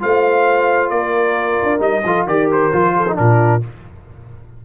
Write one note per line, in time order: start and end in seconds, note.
0.00 0.91 A3
0.00 1.79 F4
0.00 0.93 C5
0.00 0.90 F5
0.90 1.58 A#3
0.90 2.05 A#4
0.90 1.80 D5
1.63 1.80 D4
1.79 2.03 G3
1.79 2.02 D#4
1.79 2.27 D#5
2.05 2.26 F3
2.05 2.29 F4
2.05 2.27 A4
2.26 2.71 D#3
2.26 2.73 G4
2.26 2.95 A#4
2.26 2.50 D5
2.53 3.18 C5
2.73 3.19 F3
2.73 3.07 F4
2.97 3.19 A4
3.08 3.16 D#4
3.16 3.64 A#2
3.16 3.61 D4
3.16 3.65 F4
3.16 3.63 A#4